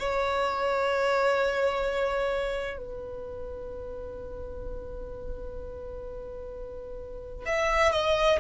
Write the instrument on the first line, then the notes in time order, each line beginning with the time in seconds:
violin
0.00 C#5
2.78 B4
7.46 E5
7.93 D#5